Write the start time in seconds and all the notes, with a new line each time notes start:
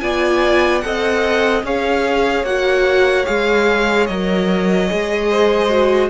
0.00 B3 F4 D5 G#5
0.80 C4 A4 D#5 F#5
1.63 C#4 G#4 C#5 F5
2.43 A#3 F#4 F#5
3.25 G#3 G#4 F5
4.06 F#3 A#4 D#5
4.88 G#3 G#4
5.30 C5
5.68 F#4